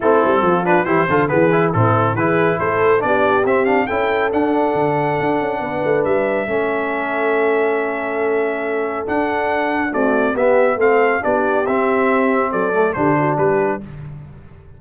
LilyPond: <<
  \new Staff \with { instrumentName = "trumpet" } { \time 4/4 \tempo 4 = 139 a'4. b'8 c''4 b'4 | a'4 b'4 c''4 d''4 | e''8 f''8 g''4 fis''2~ | fis''2 e''2~ |
e''1~ | e''4 fis''2 d''4 | e''4 f''4 d''4 e''4~ | e''4 d''4 c''4 b'4 | }
  \new Staff \with { instrumentName = "horn" } { \time 4/4 e'4 f'4 g'8 a'8 gis'4 | e'4 gis'4 a'4 g'4~ | g'4 a'2.~ | a'4 b'2 a'4~ |
a'1~ | a'2. fis'4 | g'4 a'4 g'2~ | g'4 a'4 g'8 fis'8 g'4 | }
  \new Staff \with { instrumentName = "trombone" } { \time 4/4 c'4. d'8 e'8 f'8 b8 e'8 | c'4 e'2 d'4 | c'8 d'8 e'4 d'2~ | d'2. cis'4~ |
cis'1~ | cis'4 d'2 a4 | b4 c'4 d'4 c'4~ | c'4. a8 d'2 | }
  \new Staff \with { instrumentName = "tuba" } { \time 4/4 a8 g8 f4 e8 d8 e4 | a,4 e4 a4 b4 | c'4 cis'4 d'4 d4 | d'8 cis'8 b8 a8 g4 a4~ |
a1~ | a4 d'2 c'4 | b4 a4 b4 c'4~ | c'4 fis4 d4 g4 | }
>>